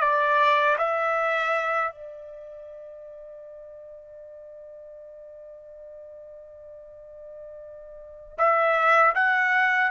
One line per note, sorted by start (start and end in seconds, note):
0.00 0.76 D5
0.78 1.91 E5
1.91 8.37 D5
8.38 9.13 E5
9.14 9.90 F#5